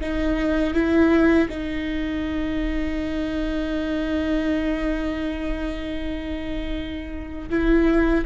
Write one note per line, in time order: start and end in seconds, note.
0.00 0.73 D#4
0.73 1.48 E4
1.49 7.49 D#4
7.50 8.25 E4